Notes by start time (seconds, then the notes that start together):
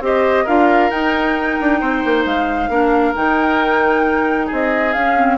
0.00 C4 G4 C5 D#5
0.44 D4 F4 A#4 F5
0.90 D#4 G5
1.60 D4
1.80 C4 C5
2.04 A#3
2.25 G#3 F5
2.68 A#3 D4 A#4
3.14 D#3 D#4 G5
4.46 C4 G#4 D#5
4.92 C#4 F5
5.17 C4